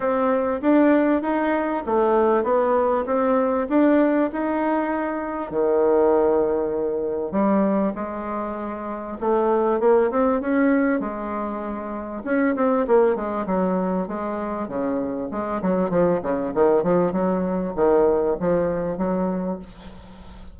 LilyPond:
\new Staff \with { instrumentName = "bassoon" } { \time 4/4 \tempo 4 = 98 c'4 d'4 dis'4 a4 | b4 c'4 d'4 dis'4~ | dis'4 dis2. | g4 gis2 a4 |
ais8 c'8 cis'4 gis2 | cis'8 c'8 ais8 gis8 fis4 gis4 | cis4 gis8 fis8 f8 cis8 dis8 f8 | fis4 dis4 f4 fis4 | }